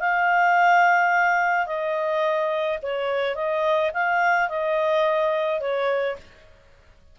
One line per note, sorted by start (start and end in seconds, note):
0.00 1.66 F5
1.66 2.78 D#5
2.82 3.35 C#5
3.35 3.91 D#5
3.94 4.49 F5
4.49 5.60 D#5
5.60 6.17 C#5